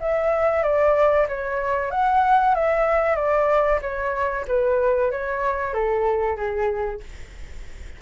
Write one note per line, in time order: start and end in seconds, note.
0.00 0.62 E5
0.62 1.26 D5
1.28 1.91 C#5
1.91 2.54 F#5
2.54 3.15 E5
3.15 3.79 D5
3.81 4.45 C#5
4.47 5.11 B4
5.11 5.73 C#5
5.73 6.36 A4
6.36 7.00 G#4